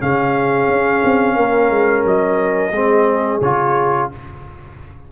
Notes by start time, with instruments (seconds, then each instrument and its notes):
0.00 tuba C#3, trombone C#4, horn G#4, trumpet F5
0.68 tuba C#4
1.05 tuba C4
1.36 tuba A#3, horn A#4
1.70 tuba G#3
2.05 tuba F#3, trumpet D#5
2.71 tuba G#3, trombone C4, horn G#4
3.41 tuba C#3, trombone F4, trumpet C#5